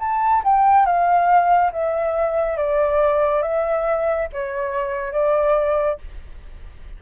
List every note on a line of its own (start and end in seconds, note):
0.00 0.43 A5
0.44 0.86 G5
0.86 1.72 F5
1.73 2.58 E5
2.58 3.43 D5
3.43 4.29 E5
4.33 5.13 C#5
5.13 5.99 D5